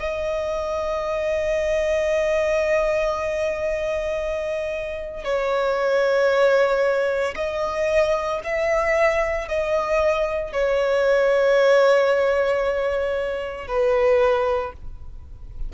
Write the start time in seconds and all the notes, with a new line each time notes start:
0.00 D#5
5.24 C#5
7.36 D#5
8.44 E5
9.48 D#5
10.53 C#5
13.67 B4